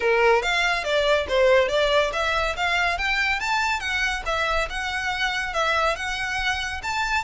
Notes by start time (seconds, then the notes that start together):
0.00 A#4
0.42 F5
0.83 D5
1.28 C5
1.68 D5
2.13 E5
2.56 F5
2.98 G5
3.39 A5
3.79 F#5
4.25 E5
4.69 F#5
5.53 E5
5.96 F#5
6.82 A5